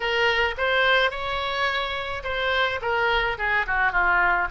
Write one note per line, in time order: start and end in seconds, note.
0.00 0.54 A#4
0.57 1.11 C5
1.11 2.23 C#5
2.23 2.79 C5
2.81 3.37 A#4
3.38 3.66 G#4
3.67 3.92 F#4
3.92 4.48 F4